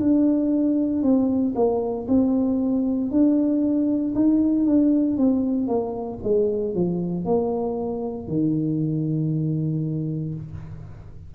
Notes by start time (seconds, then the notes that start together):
0.00 D4
1.03 C4
1.56 A#3
2.08 C4
3.11 D4
4.15 D#4
4.66 D4
5.17 C4
5.68 A#3
6.24 G#3
6.75 F3
7.25 A#3
8.28 D#3